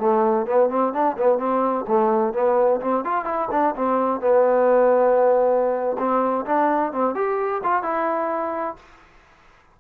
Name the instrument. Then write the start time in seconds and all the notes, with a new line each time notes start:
trombone
0.00 A3
0.47 B3
0.70 C4
0.94 D4
1.18 B3
1.39 C4
1.88 A3
2.34 B3
2.81 C4
3.05 F4
3.25 E4
3.52 D4
3.76 C4
4.21 B3
5.99 C4
6.46 D4
6.93 C4
7.15 G4
7.64 F4
7.83 E4